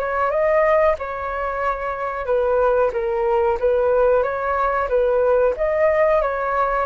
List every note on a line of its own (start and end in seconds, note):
0.00 0.31 C#5
0.31 0.96 D#5
0.99 2.26 C#5
2.26 2.91 B4
2.93 3.58 A#4
3.60 4.23 B4
4.23 4.88 C#5
4.89 5.54 B4
5.57 6.22 D#5
6.22 6.86 C#5